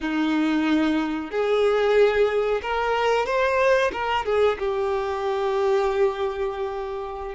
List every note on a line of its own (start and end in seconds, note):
0.00 1.30 D#4
1.30 2.61 G#4
2.61 3.25 A#4
3.25 3.91 C5
3.92 4.25 A#4
4.25 4.57 G#4
4.58 7.34 G4